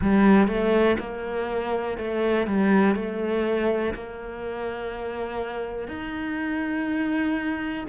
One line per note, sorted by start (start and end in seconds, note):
0.00 0.47 G3
0.47 0.96 A3
0.99 1.97 A#3
1.97 2.46 A3
2.46 2.95 G3
2.95 3.93 A3
3.93 5.87 A#3
5.87 7.84 D#4